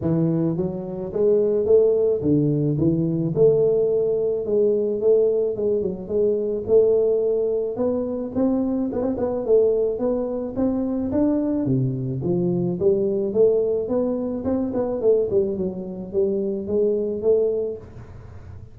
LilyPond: \new Staff \with { instrumentName = "tuba" } { \time 4/4 \tempo 4 = 108 e4 fis4 gis4 a4 | d4 e4 a2 | gis4 a4 gis8 fis8 gis4 | a2 b4 c'4 |
b16 c'16 b8 a4 b4 c'4 | d'4 c4 f4 g4 | a4 b4 c'8 b8 a8 g8 | fis4 g4 gis4 a4 | }